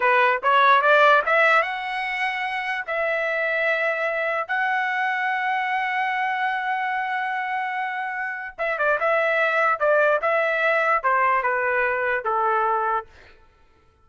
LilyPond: \new Staff \with { instrumentName = "trumpet" } { \time 4/4 \tempo 4 = 147 b'4 cis''4 d''4 e''4 | fis''2. e''4~ | e''2. fis''4~ | fis''1~ |
fis''1~ | fis''4 e''8 d''8 e''2 | d''4 e''2 c''4 | b'2 a'2 | }